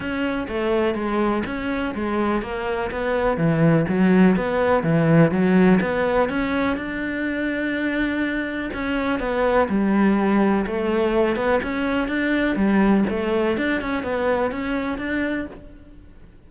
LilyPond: \new Staff \with { instrumentName = "cello" } { \time 4/4 \tempo 4 = 124 cis'4 a4 gis4 cis'4 | gis4 ais4 b4 e4 | fis4 b4 e4 fis4 | b4 cis'4 d'2~ |
d'2 cis'4 b4 | g2 a4. b8 | cis'4 d'4 g4 a4 | d'8 cis'8 b4 cis'4 d'4 | }